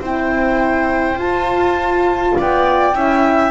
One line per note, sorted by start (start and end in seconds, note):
0.00 1.14 C4
0.00 1.18 E4
0.00 2.36 C5
0.00 1.19 G5
1.14 2.32 F4
1.14 2.93 F4
1.14 2.37 A5
2.38 2.94 B3
2.38 2.95 D5
2.38 3.51 G5
2.93 3.51 C#4
2.93 3.51 E4
2.93 3.51 E5